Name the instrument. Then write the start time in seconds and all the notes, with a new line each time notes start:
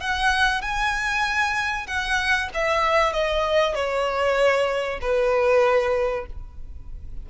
violin
0.00 F#5
0.61 G#5
1.87 F#5
2.54 E5
3.12 D#5
3.74 C#5
5.01 B4